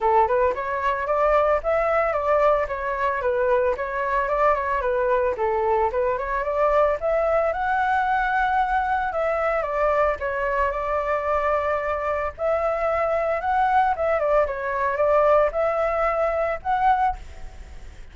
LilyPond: \new Staff \with { instrumentName = "flute" } { \time 4/4 \tempo 4 = 112 a'8 b'8 cis''4 d''4 e''4 | d''4 cis''4 b'4 cis''4 | d''8 cis''8 b'4 a'4 b'8 cis''8 | d''4 e''4 fis''2~ |
fis''4 e''4 d''4 cis''4 | d''2. e''4~ | e''4 fis''4 e''8 d''8 cis''4 | d''4 e''2 fis''4 | }